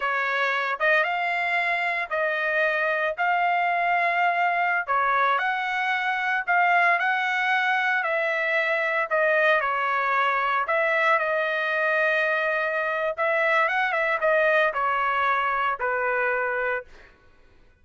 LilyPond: \new Staff \with { instrumentName = "trumpet" } { \time 4/4 \tempo 4 = 114 cis''4. dis''8 f''2 | dis''2 f''2~ | f''4~ f''16 cis''4 fis''4.~ fis''16~ | fis''16 f''4 fis''2 e''8.~ |
e''4~ e''16 dis''4 cis''4.~ cis''16~ | cis''16 e''4 dis''2~ dis''8.~ | dis''4 e''4 fis''8 e''8 dis''4 | cis''2 b'2 | }